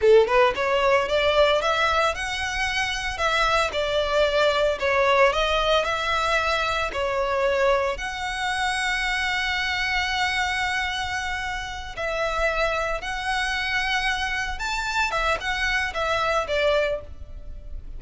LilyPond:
\new Staff \with { instrumentName = "violin" } { \time 4/4 \tempo 4 = 113 a'8 b'8 cis''4 d''4 e''4 | fis''2 e''4 d''4~ | d''4 cis''4 dis''4 e''4~ | e''4 cis''2 fis''4~ |
fis''1~ | fis''2~ fis''8 e''4.~ | e''8 fis''2. a''8~ | a''8 e''8 fis''4 e''4 d''4 | }